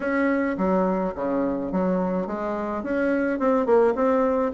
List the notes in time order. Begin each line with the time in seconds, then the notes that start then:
0.00 C#4
0.57 F#3
1.15 C#3
1.72 F#3
2.26 G#3
2.83 C#4
3.39 C4
3.65 A#3
3.95 C4